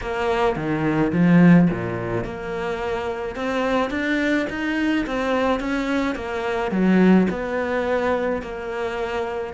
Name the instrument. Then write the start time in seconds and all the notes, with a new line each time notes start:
cello
0.01 A#3
0.56 D#3
1.12 F3
1.70 A#2
2.24 A#3
3.35 C4
3.90 D4
4.49 D#4
5.06 C4
5.59 C#4
6.15 A#3
6.71 F#3
7.29 B3
8.41 A#3